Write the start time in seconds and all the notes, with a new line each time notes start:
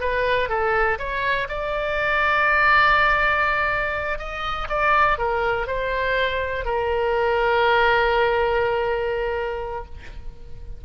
0.00 B4
0.49 A4
0.98 C#5
1.49 D5
4.18 D#5
4.69 D5
5.18 A#4
5.67 C5
6.65 A#4